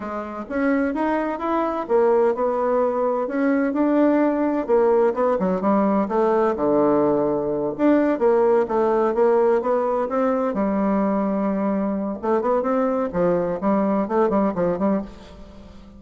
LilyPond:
\new Staff \with { instrumentName = "bassoon" } { \time 4/4 \tempo 4 = 128 gis4 cis'4 dis'4 e'4 | ais4 b2 cis'4 | d'2 ais4 b8 fis8 | g4 a4 d2~ |
d8 d'4 ais4 a4 ais8~ | ais8 b4 c'4 g4.~ | g2 a8 b8 c'4 | f4 g4 a8 g8 f8 g8 | }